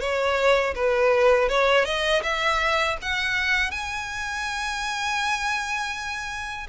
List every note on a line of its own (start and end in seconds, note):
0.00 0.74 C#5
0.75 1.49 B4
1.49 1.85 C#5
1.85 2.22 D#5
2.23 2.97 E5
3.02 3.71 F#5
3.71 6.67 G#5